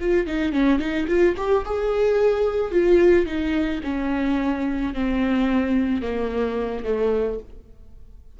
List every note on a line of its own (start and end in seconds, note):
0.00 0.26 F4
0.26 0.52 D#4
0.52 0.79 C#4
0.79 1.06 D#4
1.08 1.35 F4
1.37 1.64 G4
1.65 2.71 G#4
2.71 3.26 F4
3.26 3.81 D#4
3.83 4.93 C#4
4.94 6.02 C4
6.02 6.84 A#3
6.84 7.39 A3